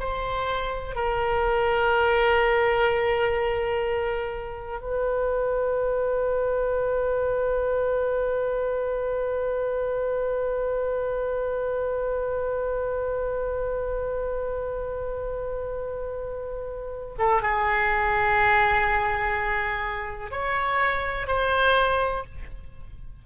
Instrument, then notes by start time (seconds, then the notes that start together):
oboe
0.00 C5
0.95 A#4
4.81 B4
17.19 A4
17.42 G#4
20.31 C#5
21.28 C5